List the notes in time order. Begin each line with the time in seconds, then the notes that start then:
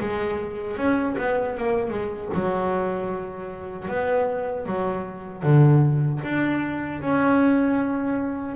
0.00 G#3
0.77 C#4
1.18 B3
1.57 A#3
1.90 G#3
2.34 F#3
3.89 B3
4.66 F#3
5.43 D3
6.23 D4
7.01 C#4